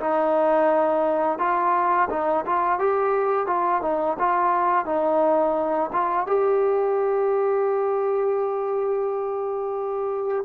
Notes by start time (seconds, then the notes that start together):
0.00 D#4
1.39 F4
2.10 D#4
2.46 F4
2.79 G4
3.47 F4
3.82 D#4
4.19 F4
4.86 D#4
5.93 F4
6.27 G4